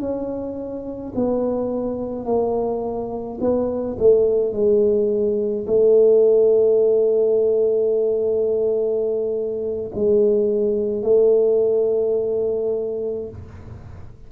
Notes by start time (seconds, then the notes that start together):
0.00 C#4
1.15 B3
2.25 A#3
3.41 B3
3.99 A3
4.53 G#3
5.67 A3
9.95 G#3
11.03 A3